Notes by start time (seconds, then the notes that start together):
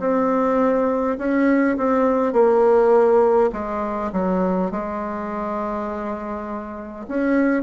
0.00 C4
1.18 C#4
1.78 C4
2.33 A#3
3.52 G#3
4.13 F#3
4.72 G#3
7.08 C#4